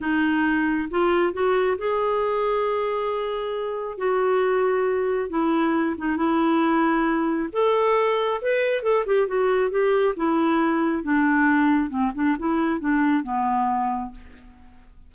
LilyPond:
\new Staff \with { instrumentName = "clarinet" } { \time 4/4 \tempo 4 = 136 dis'2 f'4 fis'4 | gis'1~ | gis'4 fis'2. | e'4. dis'8 e'2~ |
e'4 a'2 b'4 | a'8 g'8 fis'4 g'4 e'4~ | e'4 d'2 c'8 d'8 | e'4 d'4 b2 | }